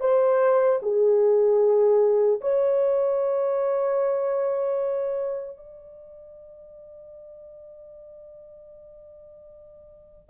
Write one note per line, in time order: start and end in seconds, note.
0.00 0.79 C5
0.82 2.40 G#4
2.41 5.57 C#5
5.57 10.29 D5